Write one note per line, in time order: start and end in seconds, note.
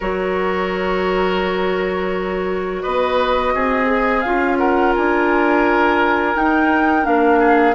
0.00 2.83 F#3
0.00 3.86 F#4
0.00 2.82 A#4
0.00 2.81 C#5
2.81 3.54 B3
2.81 3.53 B4
2.81 4.21 D#5
3.54 4.25 C4
3.54 4.58 G#4
3.86 4.21 G#4
4.21 4.95 C#4
4.21 6.35 F4
4.21 4.56 F5
4.58 7.39 A#4
4.58 4.93 F#5
4.95 6.35 D4
4.95 6.36 G#5
6.35 7.05 D#4
6.35 7.03 D#4
6.35 7.05 G5
7.03 7.75 A#3
7.03 7.73 D4
7.03 7.75 F5
7.39 7.74 G#4